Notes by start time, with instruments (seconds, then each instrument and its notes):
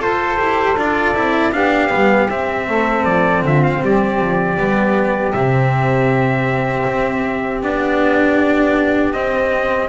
0.00 double bass F4, cello A4, saxophone A4, trumpet C5
0.38 double bass E4, cello G4
0.77 double bass D4, cello F4, trumpet D5
1.15 double bass C4, cello E4
1.53 double bass B3, cello D4, saxophone G4, trumpet F5
1.90 double bass G3, cello B3
2.30 double bass C4, cello C4, trumpet E5
2.68 double bass A3, saxophone A4
3.05 double bass F3, trumpet D5
3.42 double bass D3, saxophone F4, trumpet E5
3.64 trumpet F5
3.82 double bass G3, saxophone G4, trumpet D5
4.20 double bass F3
4.58 double bass G3, cello B3
5.33 double bass C3, cello C4, trumpet E5
6.87 double bass C4
7.63 double bass B3, cello D4, trumpet D5
9.13 cello C4, double bass C4, trumpet D#5